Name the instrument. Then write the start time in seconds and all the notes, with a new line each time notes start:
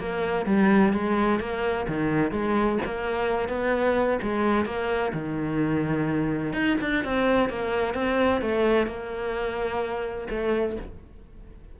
cello
0.00 A#3
0.46 G3
0.94 G#3
1.40 A#3
1.89 D#3
2.32 G#3
2.86 A#3
3.49 B3
4.23 G#3
4.66 A#3
5.14 D#3
6.54 D#4
6.81 D4
7.05 C4
7.50 A#3
7.95 C4
8.42 A3
8.87 A#3
10.30 A3